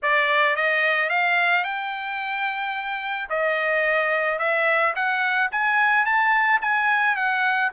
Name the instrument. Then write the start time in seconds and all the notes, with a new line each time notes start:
trumpet
0.02 D5
0.56 D#5
1.09 F5
1.63 G5
3.29 D#5
4.38 E5
4.95 F#5
5.51 G#5
6.05 A5
6.61 G#5
7.16 F#5